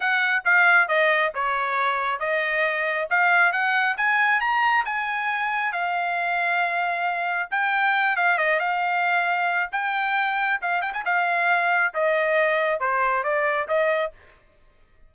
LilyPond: \new Staff \with { instrumentName = "trumpet" } { \time 4/4 \tempo 4 = 136 fis''4 f''4 dis''4 cis''4~ | cis''4 dis''2 f''4 | fis''4 gis''4 ais''4 gis''4~ | gis''4 f''2.~ |
f''4 g''4. f''8 dis''8 f''8~ | f''2 g''2 | f''8 g''16 gis''16 f''2 dis''4~ | dis''4 c''4 d''4 dis''4 | }